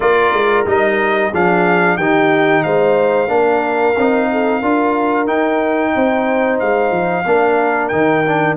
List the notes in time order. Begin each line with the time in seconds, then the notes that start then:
0.00 A#3 F4 A#4 D5
0.32 G#3
0.66 G3 D#4 D#5
1.31 F3 D4 G#4 F5
1.97 D#3 D#4 G4 G5
2.63 G#3 C5 F5
3.27 A#3 D4 A#4
3.97 C4 D#4
4.31 A4
4.59 D4 F4 A#4
5.27 D#4 G5
5.95 C4 C5
6.59 G#3 F5
6.91 F3
7.25 A#3 D4 A#4
7.88 D#3 D#4 G5
8.25 D4